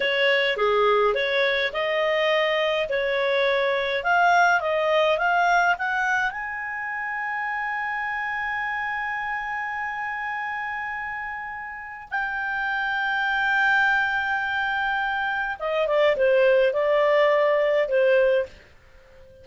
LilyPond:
\new Staff \with { instrumentName = "clarinet" } { \time 4/4 \tempo 4 = 104 cis''4 gis'4 cis''4 dis''4~ | dis''4 cis''2 f''4 | dis''4 f''4 fis''4 gis''4~ | gis''1~ |
gis''1~ | gis''4 g''2.~ | g''2. dis''8 d''8 | c''4 d''2 c''4 | }